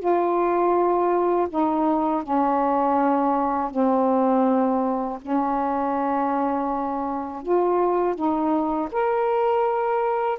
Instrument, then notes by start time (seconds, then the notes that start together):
saxophone
0.00 F4
1.50 D#4
2.24 C#4
3.71 C4
5.22 C#4
7.43 F4
8.15 D#4
8.92 A#4